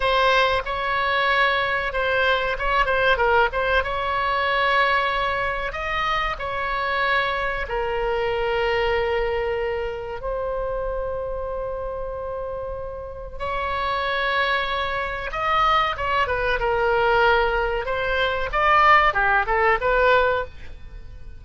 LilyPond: \new Staff \with { instrumentName = "oboe" } { \time 4/4 \tempo 4 = 94 c''4 cis''2 c''4 | cis''8 c''8 ais'8 c''8 cis''2~ | cis''4 dis''4 cis''2 | ais'1 |
c''1~ | c''4 cis''2. | dis''4 cis''8 b'8 ais'2 | c''4 d''4 g'8 a'8 b'4 | }